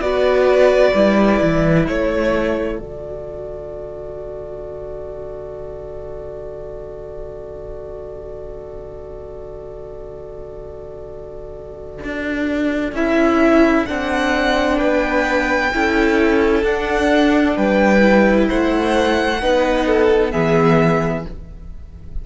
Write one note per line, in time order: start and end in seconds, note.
0.00 0.92 B3
0.00 0.94 F#4
0.00 1.87 B4
0.00 1.85 D5
0.94 1.40 G3
0.94 2.78 E4
1.42 1.88 E3
1.87 2.78 A3
1.87 14.77 A4
1.87 2.79 C#5
2.78 12.02 D3
2.78 12.94 F#4
2.78 12.95 D5
12.03 12.92 D4
12.92 13.84 C#4
12.92 13.87 E4
12.92 13.86 E5
13.86 14.81 C4
13.86 15.72 D4
13.86 14.78 F#5
14.77 15.73 B3
14.77 15.70 B4
14.77 16.62 G5
15.72 16.63 C#4
15.72 16.64 E4
15.72 17.56 A4
16.63 17.55 D4
16.63 17.98 D4
16.63 17.57 F#5
17.56 18.49 G3
17.56 18.48 B4
17.56 18.48 G5
17.98 19.37 E4
18.48 19.42 A3
18.48 19.40 C5
18.48 20.31 F#5
19.42 20.33 B3
19.42 20.32 D#4
19.42 19.86 B4
19.86 20.31 A4
20.31 21.25 E3
20.31 21.24 B3
20.31 21.24 G#4
20.31 21.23 E5